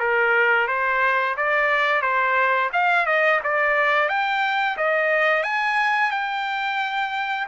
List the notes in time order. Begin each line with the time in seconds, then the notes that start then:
0.00 A#4
0.68 C5
1.37 D5
2.02 C5
2.73 F5
3.07 D#5
3.44 D5
4.09 G5
4.78 D#5
5.44 G#5
6.11 G5